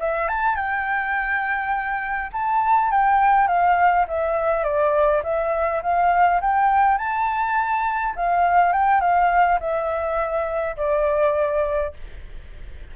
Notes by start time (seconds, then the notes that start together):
0.00 E5
0.28 A5
0.56 G5
2.33 A5
2.91 G5
3.48 F5
4.08 E5
4.64 D5
5.24 E5
5.83 F5
6.41 G5
6.98 A5
8.16 F5
8.73 G5
9.01 F5
9.60 E5
10.77 D5